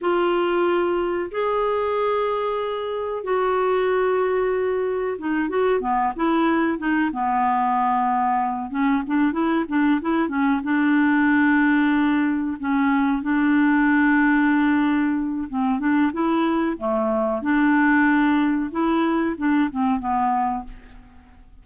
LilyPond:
\new Staff \with { instrumentName = "clarinet" } { \time 4/4 \tempo 4 = 93 f'2 gis'2~ | gis'4 fis'2. | dis'8 fis'8 b8 e'4 dis'8 b4~ | b4. cis'8 d'8 e'8 d'8 e'8 |
cis'8 d'2. cis'8~ | cis'8 d'2.~ d'8 | c'8 d'8 e'4 a4 d'4~ | d'4 e'4 d'8 c'8 b4 | }